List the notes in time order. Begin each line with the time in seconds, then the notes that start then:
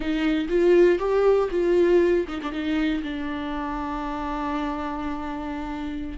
0.00 D#4
0.49 F4
0.98 G4
1.50 F4
2.28 D#4
2.42 D4
2.51 D#4
3.03 D4